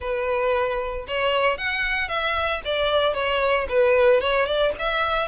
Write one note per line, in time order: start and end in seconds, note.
0.00 1.06 B4
1.07 1.57 C#5
1.57 2.08 F#5
2.08 2.61 E5
2.64 3.14 D5
3.14 3.66 C#5
3.68 4.21 B4
4.21 4.46 C#5
4.46 4.72 D5
4.78 5.27 E5